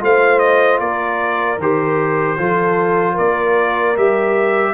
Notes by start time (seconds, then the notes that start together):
0.00 A3 F4 C5 F5
0.39 D#5
0.80 A#3 A#4 D5
1.58 D#3 G4 C5
2.38 F3 F4 A4
3.14 A#3 A#4 D5
3.96 G3 G4 E5